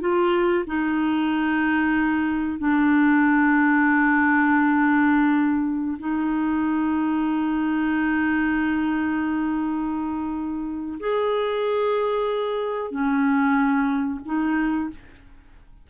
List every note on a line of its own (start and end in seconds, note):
0.00 0.65 F4
0.66 2.58 D#4
2.58 5.97 D4
5.99 10.99 D#4
10.99 12.91 G#4
12.91 14.20 C#4
14.25 14.89 D#4